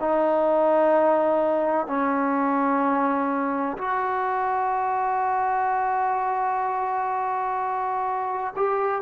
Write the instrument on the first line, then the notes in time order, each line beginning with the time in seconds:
trombone
0.00 D#4
1.87 C#4
3.77 F#4
8.56 G4